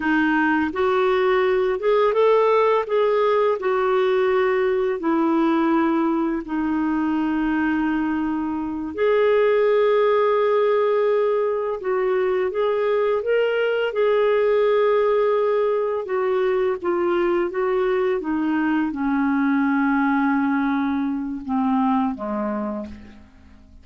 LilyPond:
\new Staff \with { instrumentName = "clarinet" } { \time 4/4 \tempo 4 = 84 dis'4 fis'4. gis'8 a'4 | gis'4 fis'2 e'4~ | e'4 dis'2.~ | dis'8 gis'2.~ gis'8~ |
gis'8 fis'4 gis'4 ais'4 gis'8~ | gis'2~ gis'8 fis'4 f'8~ | f'8 fis'4 dis'4 cis'4.~ | cis'2 c'4 gis4 | }